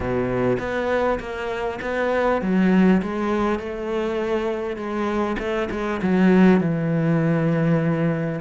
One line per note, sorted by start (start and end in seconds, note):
0.00 0.57 B2
0.59 1.19 B3
1.19 1.79 A#3
1.81 2.41 B3
2.41 3.01 F#3
3.02 3.59 G#3
3.59 4.76 A3
4.76 5.36 G#3
5.38 5.68 A3
5.70 6.00 G#3
6.02 6.60 F#3
6.60 8.40 E3